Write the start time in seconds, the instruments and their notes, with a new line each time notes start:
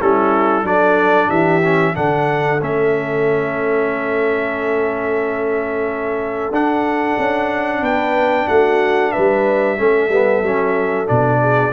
0.00 tuba G3, trombone C#4, horn E4, trumpet A4
0.63 tuba F#3, trombone D4, horn A4, trumpet D5
1.28 tuba E3, horn G4, trumpet E5
1.64 trombone C#4
1.94 tuba D3, trombone D4, horn A4, trumpet F#5
2.61 tuba A3, trombone C#4, trumpet E5
6.50 tuba D4, trombone D4, trumpet F#5
7.18 tuba C#4
7.80 tuba B3, horn B4, trumpet G5
8.48 tuba A3, horn F#4, trumpet F#5
9.11 tuba G3, horn B4, trumpet E5
9.77 tuba A3, trombone C#4, horn A4
10.09 tuba G3, trombone B3
10.42 tuba F#3, trombone C#4
11.06 tuba B2, trombone D4, trumpet D5
11.40 horn G#4